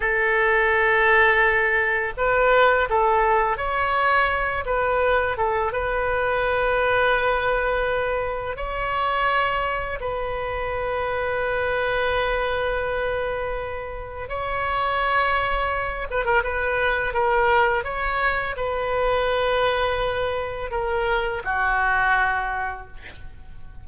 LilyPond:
\new Staff \with { instrumentName = "oboe" } { \time 4/4 \tempo 4 = 84 a'2. b'4 | a'4 cis''4. b'4 a'8 | b'1 | cis''2 b'2~ |
b'1 | cis''2~ cis''8 b'16 ais'16 b'4 | ais'4 cis''4 b'2~ | b'4 ais'4 fis'2 | }